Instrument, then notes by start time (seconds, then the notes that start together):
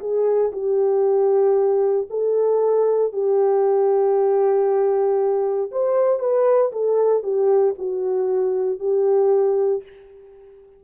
horn
0.00 G#4
0.53 G4
2.10 A4
3.13 G4
5.72 C5
6.20 B4
6.72 A4
7.23 G4
7.79 F#4
8.80 G4